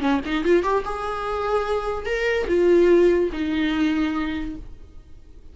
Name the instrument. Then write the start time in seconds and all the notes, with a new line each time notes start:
viola
0.00 C#4
0.25 D#4
0.44 F4
0.63 G4
0.85 G#4
2.06 A#4
2.48 F4
3.32 D#4